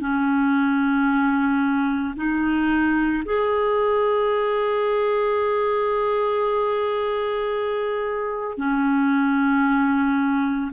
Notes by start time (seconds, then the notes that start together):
0.00 C#4
2.16 D#4
3.25 G#4
8.57 C#4